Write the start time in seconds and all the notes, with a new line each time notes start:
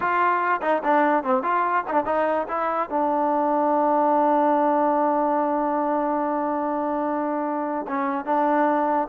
0.00 F4
0.61 D#4
0.83 D4
1.23 C4
1.42 F4
1.88 D4 D#4
2.05 D#4
2.48 E4
2.89 D4
7.87 C#4
8.25 D4